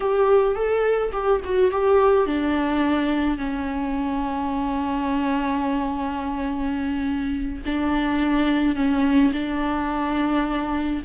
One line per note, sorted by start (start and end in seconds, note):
0.00 0.55 G4
0.55 1.12 A4
1.12 1.40 G4
1.44 1.71 F#4
1.71 2.26 G4
2.26 3.37 D4
3.37 7.62 C#4
7.65 8.75 D4
8.75 9.32 C#4
9.32 11.02 D4